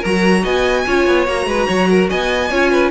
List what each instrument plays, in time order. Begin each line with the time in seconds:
0.00 cello F#3, viola F#4, violin A#4 A#5
0.43 cello B3, violin D#5 G#5
0.86 cello C#4, viola F4, violin C#5
1.07 cello B3
1.26 cello A#3, viola F#4, violin A#5
1.46 cello G#3, violin B4
1.67 cello F#3, violin C#5
1.89 violin A#4
2.09 cello B3, violin D#5 G#5
2.50 cello C#4, viola F4, violin C#5
2.71 violin B4